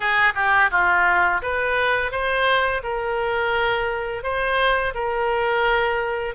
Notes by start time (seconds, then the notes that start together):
0.00 G#4
0.35 G4
0.71 F4
1.41 B4
2.11 C5
2.83 A#4
4.23 C5
4.94 A#4